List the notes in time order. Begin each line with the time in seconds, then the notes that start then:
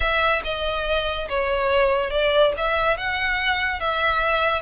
0.00 E5
0.44 D#5
1.28 C#5
2.10 D5
2.57 E5
2.97 F#5
3.79 E5